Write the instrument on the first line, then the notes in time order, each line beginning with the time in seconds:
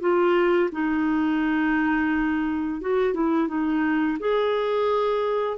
clarinet
0.00 F4
0.72 D#4
2.81 F#4
3.14 E4
3.48 D#4
4.20 G#4